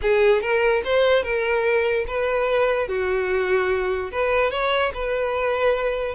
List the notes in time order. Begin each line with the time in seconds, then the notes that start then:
0.01 G#4
0.41 A#4
0.84 C5
1.23 A#4
2.07 B4
2.88 F#4
4.11 B4
4.50 C#5
4.94 B4